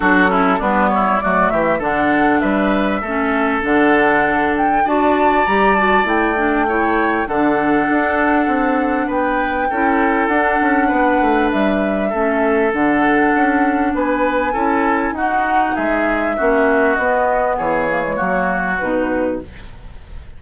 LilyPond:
<<
  \new Staff \with { instrumentName = "flute" } { \time 4/4 \tempo 4 = 99 a'4 b'8 cis''8 d''8 e''8 fis''4 | e''2 fis''4. g''8 | a''4 ais''8 a''8 g''2 | fis''2. g''4~ |
g''4 fis''2 e''4~ | e''4 fis''2 gis''4~ | gis''4 fis''4 e''2 | dis''4 cis''2 b'4 | }
  \new Staff \with { instrumentName = "oboe" } { \time 4/4 fis'8 e'8 d'8 e'8 fis'8 g'8 a'4 | b'4 a'2. | d''2. cis''4 | a'2. b'4 |
a'2 b'2 | a'2. b'4 | a'4 fis'4 gis'4 fis'4~ | fis'4 gis'4 fis'2 | }
  \new Staff \with { instrumentName = "clarinet" } { \time 4/4 d'8 cis'8 b4 a4 d'4~ | d'4 cis'4 d'2 | fis'4 g'8 fis'8 e'8 d'8 e'4 | d'1 |
e'4 d'2. | cis'4 d'2. | e'4 dis'2 cis'4 | b4. ais16 gis16 ais4 dis'4 | }
  \new Staff \with { instrumentName = "bassoon" } { \time 4/4 fis4 g4 fis8 e8 d4 | g4 a4 d2 | d'4 g4 a2 | d4 d'4 c'4 b4 |
cis'4 d'8 cis'8 b8 a8 g4 | a4 d4 cis'4 b4 | cis'4 dis'4 gis4 ais4 | b4 e4 fis4 b,4 | }
>>